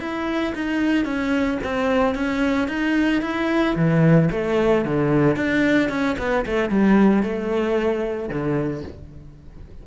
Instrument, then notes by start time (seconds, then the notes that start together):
cello
0.00 E4
0.55 D#4
1.05 C#4
1.64 C4
2.15 C#4
2.68 D#4
3.22 E4
3.76 E3
4.31 A3
4.85 D3
5.36 D4
5.89 C#4
6.18 B3
6.46 A3
6.70 G3
7.23 A3
8.29 D3